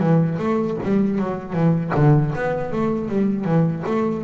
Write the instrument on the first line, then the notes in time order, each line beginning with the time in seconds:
double bass
0.00 E3
0.39 A3
0.84 G3
1.19 F#3
1.53 E3
1.95 D3
2.36 B3
2.72 A3
3.09 G3
3.45 E3
3.87 A3